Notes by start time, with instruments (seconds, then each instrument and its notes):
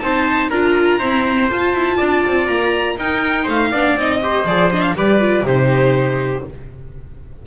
0.00 double bass C4, viola D#4, trumpet C5, violin A5
0.50 double bass D4, viola F4, trumpet A#4, violin A#5
0.99 viola C4, double bass E4, trumpet C5
1.49 viola F4, double bass F4, violin A5
1.74 double bass E4
1.97 double bass D4, trumpet D5
2.26 double bass C4
2.47 double bass A#3, violin A#5
2.96 double bass D#4, viola D#4, trumpet A#4, violin G5
3.43 double bass A3, trumpet C5, violin F5
3.71 double bass B3, viola D4, trumpet D5
3.95 double bass C4, viola D#4, violin D#5
4.21 viola G4, trumpet C5
4.45 double bass F3, viola G#4, violin D5
4.71 viola D4, violin D#5
4.81 violin F5
4.96 double bass G3, viola G4, trumpet B4, violin D5
5.20 viola F4
5.42 double bass C3, viola D#4, trumpet G4, violin C5